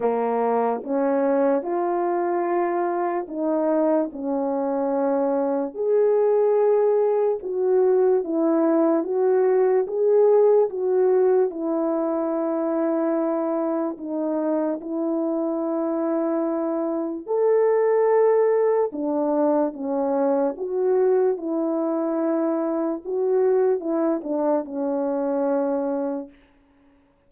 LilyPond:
\new Staff \with { instrumentName = "horn" } { \time 4/4 \tempo 4 = 73 ais4 cis'4 f'2 | dis'4 cis'2 gis'4~ | gis'4 fis'4 e'4 fis'4 | gis'4 fis'4 e'2~ |
e'4 dis'4 e'2~ | e'4 a'2 d'4 | cis'4 fis'4 e'2 | fis'4 e'8 d'8 cis'2 | }